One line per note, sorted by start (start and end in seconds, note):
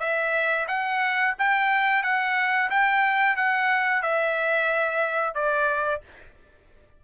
0.00 0.67 E5
0.68 1.35 F#5
1.39 2.03 G5
2.03 2.70 F#5
2.71 3.36 G5
3.36 4.03 F#5
4.03 5.35 E5
5.35 6.02 D5